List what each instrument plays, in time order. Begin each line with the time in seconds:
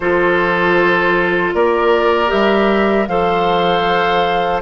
0.00 bassoon F3, clarinet F4, oboe A4, flute C5
1.54 bassoon A#3, oboe A#4, flute D5
2.27 bassoon G3, clarinet G4, flute E5
3.07 bassoon F3, clarinet A4, oboe C5, flute F5